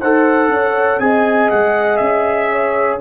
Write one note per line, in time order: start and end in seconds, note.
0.00 0.48 D#4
0.00 1.00 A4
0.00 0.50 C5
0.00 1.00 F#5
0.48 0.98 C#4
0.48 1.03 C#5
1.00 1.50 C4
1.00 3.00 G#4
1.00 2.52 D#5
1.00 1.50 G#5
1.50 2.00 G#3
1.50 1.97 F#5
1.97 3.00 C#4
1.97 2.97 E5
2.52 3.01 C#5